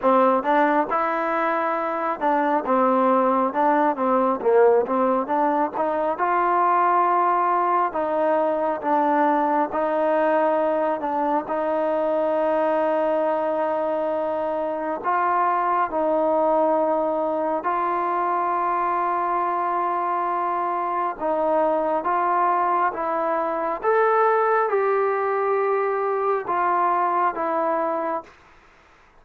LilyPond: \new Staff \with { instrumentName = "trombone" } { \time 4/4 \tempo 4 = 68 c'8 d'8 e'4. d'8 c'4 | d'8 c'8 ais8 c'8 d'8 dis'8 f'4~ | f'4 dis'4 d'4 dis'4~ | dis'8 d'8 dis'2.~ |
dis'4 f'4 dis'2 | f'1 | dis'4 f'4 e'4 a'4 | g'2 f'4 e'4 | }